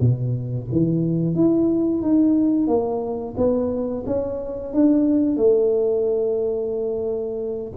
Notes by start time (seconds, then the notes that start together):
0.00 B2
0.71 E3
1.35 E4
2.02 D#4
2.67 A#3
3.37 B3
4.06 C#4
4.73 D4
5.37 A3